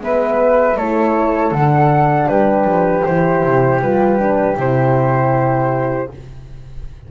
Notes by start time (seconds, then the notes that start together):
0.00 G#3 B3 B4 E5
0.77 A3 E4 A4 C#5
1.51 D3 D4 F#5
2.28 G3 G4 B4
2.65 F3
3.05 E3 E4 C5
3.44 C3
3.81 G3 F4 B4
4.19 D4
4.56 C3 E4 C5